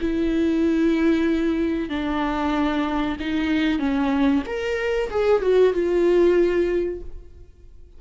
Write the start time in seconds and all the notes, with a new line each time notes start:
0.00 E4
1.89 D4
3.19 D#4
3.78 C#4
4.46 A#4
5.10 G#4
5.41 F#4
5.73 F4